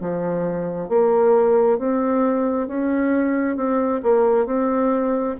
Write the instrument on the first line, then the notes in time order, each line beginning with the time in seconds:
bassoon
0.00 F3
0.89 A#3
1.78 C4
2.67 C#4
3.56 C4
4.03 A#3
4.46 C4